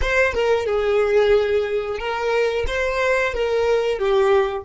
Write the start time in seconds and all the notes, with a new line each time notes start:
0.01 C5
0.33 A#4
0.65 G#4
1.98 A#4
2.67 C5
3.34 A#4
3.98 G4